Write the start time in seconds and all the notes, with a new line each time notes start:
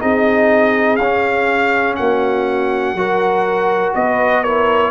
0.00 C4 D#4 G#4 D#5
0.97 C#4 F5
1.03 C#4
1.96 A#3 F#4 F#5
2.95 F#3 F#4 A#4
3.95 B3 B4 D#5
4.43 E4 A#4 C#5